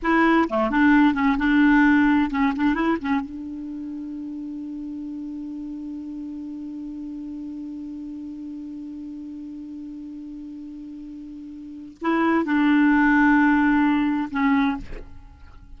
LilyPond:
\new Staff \with { instrumentName = "clarinet" } { \time 4/4 \tempo 4 = 130 e'4 a8 d'4 cis'8 d'4~ | d'4 cis'8 d'8 e'8 cis'8 d'4~ | d'1~ | d'1~ |
d'1~ | d'1~ | d'2 e'4 d'4~ | d'2. cis'4 | }